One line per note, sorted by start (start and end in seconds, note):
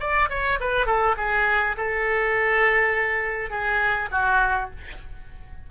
0.00 0.29 D5
0.30 0.59 C#5
0.60 0.86 B4
0.86 1.16 A4
1.17 1.76 G#4
1.77 3.51 A4
3.51 4.09 G#4
4.12 4.71 F#4